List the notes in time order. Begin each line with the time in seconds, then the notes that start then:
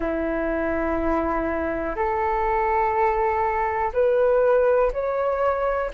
0.00 E4
1.95 A4
3.93 B4
4.92 C#5